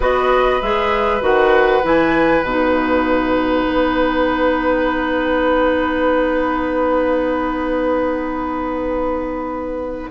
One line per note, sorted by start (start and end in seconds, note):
0.00 0.61 B3
0.00 0.62 F#4
0.00 10.09 B4
0.00 0.61 D#5
0.61 1.21 G#3
0.61 1.20 G#4
0.61 1.22 E5
1.20 1.82 D#3
1.20 1.81 F#4
1.20 1.85 F#5
1.83 2.42 E3
1.83 2.44 E4
1.83 2.43 G#5
2.42 3.65 B2
2.42 10.10 D#4
2.42 10.08 F#5
3.66 10.09 B3